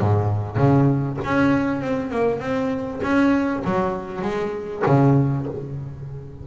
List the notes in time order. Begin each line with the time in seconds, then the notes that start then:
0.00 G#2
0.56 C#3
1.24 C#4
1.81 C4
2.10 A#3
2.40 C4
3.03 C#4
3.64 F#3
4.22 G#3
4.86 C#3